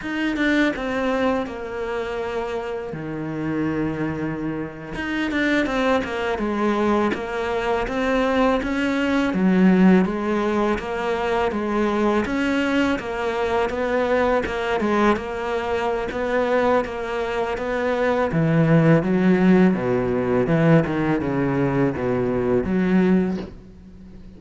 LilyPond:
\new Staff \with { instrumentName = "cello" } { \time 4/4 \tempo 4 = 82 dis'8 d'8 c'4 ais2 | dis2~ dis8. dis'8 d'8 c'16~ | c'16 ais8 gis4 ais4 c'4 cis'16~ | cis'8. fis4 gis4 ais4 gis16~ |
gis8. cis'4 ais4 b4 ais16~ | ais16 gis8 ais4~ ais16 b4 ais4 | b4 e4 fis4 b,4 | e8 dis8 cis4 b,4 fis4 | }